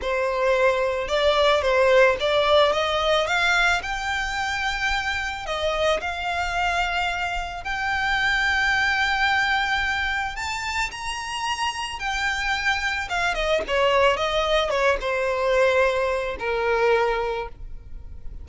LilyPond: \new Staff \with { instrumentName = "violin" } { \time 4/4 \tempo 4 = 110 c''2 d''4 c''4 | d''4 dis''4 f''4 g''4~ | g''2 dis''4 f''4~ | f''2 g''2~ |
g''2. a''4 | ais''2 g''2 | f''8 dis''8 cis''4 dis''4 cis''8 c''8~ | c''2 ais'2 | }